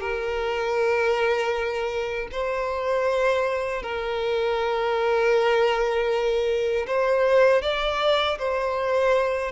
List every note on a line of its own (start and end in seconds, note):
0.00 2.28 A#4
2.31 3.82 C5
3.82 6.86 A#4
6.87 7.62 C5
7.62 8.38 D5
8.38 9.51 C5